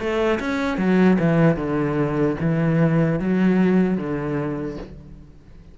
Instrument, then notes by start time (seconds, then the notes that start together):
cello
0.00 A3
0.40 C#4
0.78 F#3
1.20 E3
1.57 D3
2.41 E3
3.20 F#3
3.98 D3